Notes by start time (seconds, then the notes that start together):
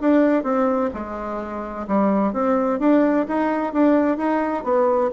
0.00 D4
0.43 C4
0.93 G#3
1.87 G3
2.33 C4
2.79 D4
3.27 D#4
3.73 D4
4.17 D#4
4.63 B3